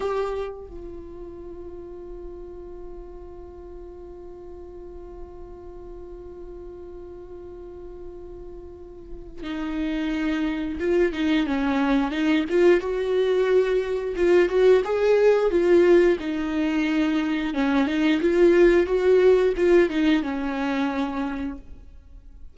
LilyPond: \new Staff \with { instrumentName = "viola" } { \time 4/4 \tempo 4 = 89 g'4 f'2.~ | f'1~ | f'1~ | f'2 dis'2 |
f'8 dis'8 cis'4 dis'8 f'8 fis'4~ | fis'4 f'8 fis'8 gis'4 f'4 | dis'2 cis'8 dis'8 f'4 | fis'4 f'8 dis'8 cis'2 | }